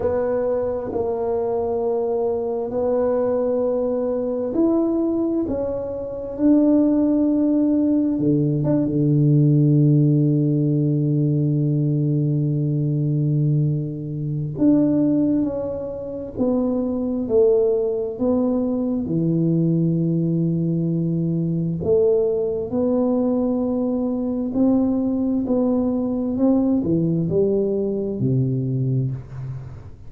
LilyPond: \new Staff \with { instrumentName = "tuba" } { \time 4/4 \tempo 4 = 66 b4 ais2 b4~ | b4 e'4 cis'4 d'4~ | d'4 d8 d'16 d2~ d16~ | d1 |
d'4 cis'4 b4 a4 | b4 e2. | a4 b2 c'4 | b4 c'8 e8 g4 c4 | }